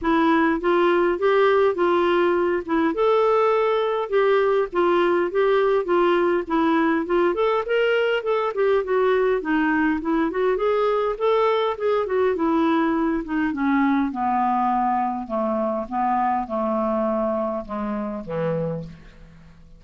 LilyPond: \new Staff \with { instrumentName = "clarinet" } { \time 4/4 \tempo 4 = 102 e'4 f'4 g'4 f'4~ | f'8 e'8 a'2 g'4 | f'4 g'4 f'4 e'4 | f'8 a'8 ais'4 a'8 g'8 fis'4 |
dis'4 e'8 fis'8 gis'4 a'4 | gis'8 fis'8 e'4. dis'8 cis'4 | b2 a4 b4 | a2 gis4 e4 | }